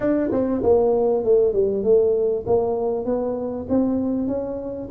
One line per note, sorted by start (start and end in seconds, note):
0.00 0.30 D4
0.31 0.62 C4
0.62 1.24 A#3
1.24 1.53 A3
1.53 1.83 G3
1.83 2.45 A3
2.46 3.05 A#3
3.05 3.66 B3
3.69 4.27 C4
4.27 4.88 C#4